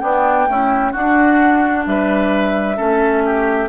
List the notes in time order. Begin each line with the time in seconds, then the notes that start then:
0.00 B3 D4 G5
0.46 A3 C#4 E4
0.92 D4 F#4 F#5
1.86 G3 B4 E5
2.76 A3 C#4 A4
3.25 G4